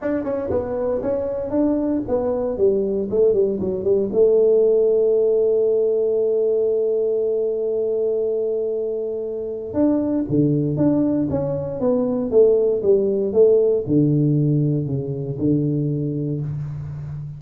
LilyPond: \new Staff \with { instrumentName = "tuba" } { \time 4/4 \tempo 4 = 117 d'8 cis'8 b4 cis'4 d'4 | b4 g4 a8 g8 fis8 g8 | a1~ | a1~ |
a2. d'4 | d4 d'4 cis'4 b4 | a4 g4 a4 d4~ | d4 cis4 d2 | }